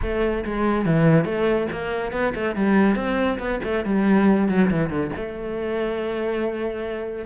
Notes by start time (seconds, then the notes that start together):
0.02 A3
0.45 G#3
0.85 E3
1.24 A3
1.72 A#3
2.12 B3
2.34 A3
2.55 G3
2.95 C4
3.38 B3
3.63 A3
3.84 G3
4.48 F#3
4.70 E3
4.89 D3
5.15 A3